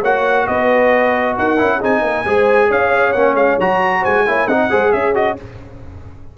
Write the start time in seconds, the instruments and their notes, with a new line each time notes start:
0.00 tuba A#3, trombone F#4, horn C#5, trumpet F#5
0.47 tuba B3, horn B4, trumpet D#5
1.38 tuba D#4, horn A#4, trumpet F#5
1.57 tuba C#4, trombone E4
1.77 tuba C4, trombone D#4, horn G#4
1.83 trumpet G#5
2.01 tuba A#3, horn A#4
2.25 tuba G#3, trombone G#4, horn C5
2.67 tuba C#4, horn C#5, trumpet F5
3.12 tuba A#3, trombone C#4, trumpet F#5
3.34 tuba G#3, trumpet F5
3.59 tuba F#3, trombone F#4, trumpet A#5
4.00 tuba G#3, horn C5, trumpet G#5
4.26 tuba A#3, trombone E4, horn C#5
4.46 tuba C4, trombone D#4, horn D#5, trumpet F#5
4.70 tuba G#3, trombone G#4, horn C5
4.92 tuba C#4, horn G#4, trumpet E5
5.14 trombone F#4, trumpet D#5